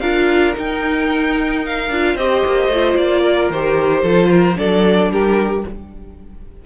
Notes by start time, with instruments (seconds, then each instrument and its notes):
0.00 cello D4, viola F4, violin A#4 F5
0.54 viola D#4, cello D#4, violin G5
1.65 violin F5
1.90 cello D4, viola F4
2.15 cello C4, viola G4, violin C5 D#5
2.46 cello A#3
2.68 cello A3, viola F4
2.96 cello A#3, violin D5
3.21 violin A#4
3.50 cello D#3, viola G4, violin C5
4.02 cello F3, viola F4, violin A4
4.31 violin A#4
4.55 cello F#3, viola D4, violin A4 D5
5.10 cello G3, violin G4 A#4